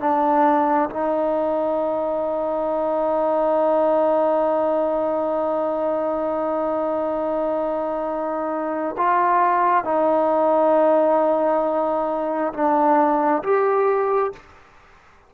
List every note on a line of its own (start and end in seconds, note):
0.00 0.90 D4
0.90 8.96 D#4
8.98 9.85 F4
9.85 12.53 D#4
12.53 13.43 D4
13.43 14.33 G4